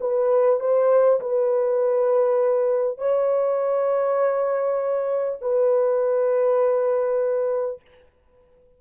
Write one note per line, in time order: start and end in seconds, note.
0.00 0.60 B4
0.60 1.20 C5
1.20 2.97 B4
2.97 5.37 C#5
5.41 7.81 B4